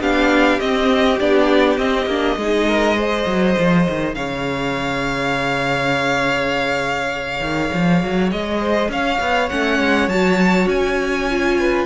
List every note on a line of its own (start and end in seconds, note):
0.00 0.59 B3
0.00 0.60 D4
0.00 2.38 G4
0.00 0.60 F5
0.60 1.19 C4
0.60 1.20 C4
0.60 1.19 D#5
1.20 1.77 B3
1.20 1.79 D4
1.20 1.78 D5
1.77 2.06 C4
1.77 2.09 C4
1.77 4.14 D#5
2.06 2.36 A#3
2.06 2.39 D4
2.36 3.25 G#3
2.36 2.96 D#4
2.36 2.68 G#4
2.68 2.96 A#4
2.96 9.50 G#4
2.96 4.15 C5
3.26 3.56 F#3
3.58 3.88 F3
3.89 4.15 D#3
4.14 7.41 C#3
4.14 8.61 C#5
4.14 8.30 F5
7.41 7.70 D#3
7.74 8.03 F3
8.03 8.32 F#3
8.32 8.89 G#3
8.32 8.91 D#5
8.61 8.90 C5
8.89 9.19 C#4
8.89 11.59 C#5
8.89 9.49 F5
9.20 9.50 B3
9.49 9.80 A3
9.49 10.10 C#4
9.49 10.09 F#5
9.80 10.08 G#3
10.08 10.67 F#3
10.08 11.29 F#4
10.08 10.68 A5
10.67 11.85 C#4
10.67 11.86 G#5
11.29 11.86 F4
11.59 11.86 B4